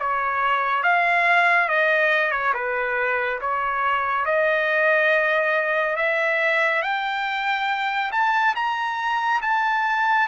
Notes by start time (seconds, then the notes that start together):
0.00 C#5
0.83 F5
1.69 D#5
2.32 C#5
2.54 B4
3.41 C#5
4.26 D#5
5.96 E5
6.83 G5
8.12 A5
8.56 A#5
9.42 A5